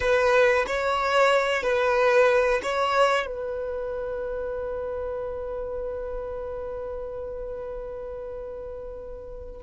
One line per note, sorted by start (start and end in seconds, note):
0.00 0.65 B4
0.67 1.62 C#5
1.62 2.60 B4
2.63 3.26 C#5
3.26 9.62 B4